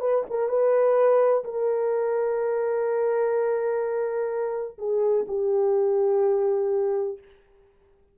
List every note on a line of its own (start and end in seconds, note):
0.00 0.24 B4
0.29 0.48 A#4
0.48 1.44 B4
1.44 4.77 A#4
4.78 5.26 G#4
5.28 7.18 G4